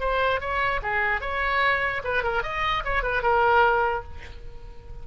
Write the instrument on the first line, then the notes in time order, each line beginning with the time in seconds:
oboe
0.00 C5
0.40 C#5
0.82 G#4
1.21 C#5
2.04 B4
2.23 A#4
2.43 D#5
2.85 C#5
3.03 B4
3.22 A#4